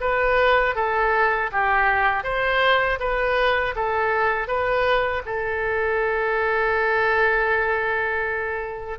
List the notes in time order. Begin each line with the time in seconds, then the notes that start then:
0.00 B4
0.75 A4
1.52 G4
2.23 C5
2.99 B4
3.75 A4
4.47 B4
5.25 A4